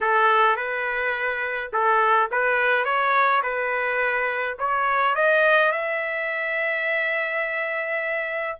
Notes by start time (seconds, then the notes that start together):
0.01 A4
0.56 B4
1.72 A4
2.31 B4
2.84 C#5
3.42 B4
4.59 C#5
5.15 D#5
5.71 E5